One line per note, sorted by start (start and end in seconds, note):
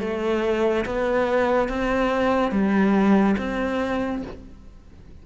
0.00 0.85 A3
0.85 1.68 B3
1.68 2.51 C4
2.51 3.36 G3
3.38 4.22 C4